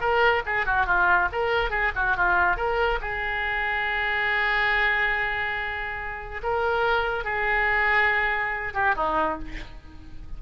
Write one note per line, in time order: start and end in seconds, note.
0.00 0.43 A#4
0.46 0.66 G#4
0.66 0.86 F#4
0.86 1.28 F4
1.32 1.70 A#4
1.70 1.91 G#4
1.95 2.16 F#4
2.16 2.56 F4
2.56 2.99 A#4
3.01 6.41 G#4
6.43 7.24 A#4
7.24 8.73 G#4
8.73 8.95 G4
8.96 9.38 D#4